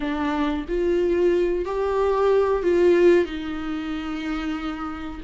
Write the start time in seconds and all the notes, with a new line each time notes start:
0.00 D4
0.68 F4
1.65 G4
2.62 F4
3.25 D#4